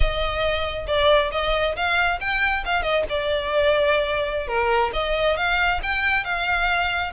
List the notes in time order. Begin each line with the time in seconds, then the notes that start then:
0.00 D#5
0.87 D5
1.31 D#5
1.75 F5
2.20 G5
2.65 F5
2.82 D#5
3.09 D5
4.47 A#4
4.93 D#5
5.36 F5
5.82 G5
6.24 F5